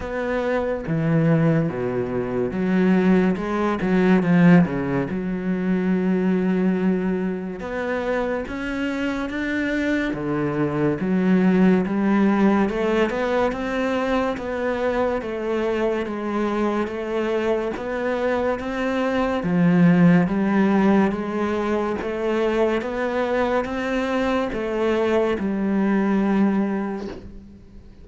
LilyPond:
\new Staff \with { instrumentName = "cello" } { \time 4/4 \tempo 4 = 71 b4 e4 b,4 fis4 | gis8 fis8 f8 cis8 fis2~ | fis4 b4 cis'4 d'4 | d4 fis4 g4 a8 b8 |
c'4 b4 a4 gis4 | a4 b4 c'4 f4 | g4 gis4 a4 b4 | c'4 a4 g2 | }